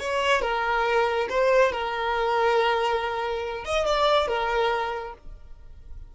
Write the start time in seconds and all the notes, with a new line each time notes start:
0.00 C#5
0.42 A#4
1.30 C5
1.73 A#4
3.65 D#5
3.87 D5
4.28 A#4